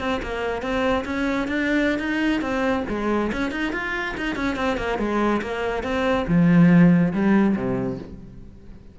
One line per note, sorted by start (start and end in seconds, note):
0.00 0.21 C4
0.23 0.62 A#3
0.62 1.05 C4
1.05 1.48 C#4
1.48 1.99 D4
1.99 2.42 D#4
2.42 2.84 C4
2.89 3.32 G#3
3.33 3.52 C#4
3.52 3.73 D#4
3.73 4.16 F4
4.18 4.36 D#4
4.36 4.57 C#4
4.57 4.78 C4
4.78 4.99 A#3
4.99 5.42 G#3
5.42 5.84 A#3
5.84 6.26 C4
6.28 7.13 F3
7.14 7.56 G3
7.56 7.99 C3